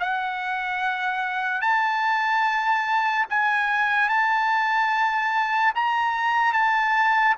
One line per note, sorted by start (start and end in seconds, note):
0.00 1.62 F#5
1.62 3.26 A5
3.30 4.09 G#5
4.09 5.73 A5
5.75 6.53 A#5
6.53 7.36 A5